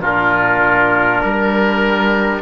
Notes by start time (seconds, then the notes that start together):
0.00 A#2 D4 F4 A#4
1.22 G3 A#4